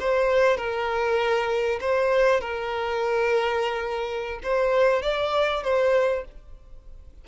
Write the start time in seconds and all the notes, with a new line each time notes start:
0.00 C5
0.57 A#4
1.81 C5
2.41 A#4
4.43 C5
5.02 D5
5.63 C5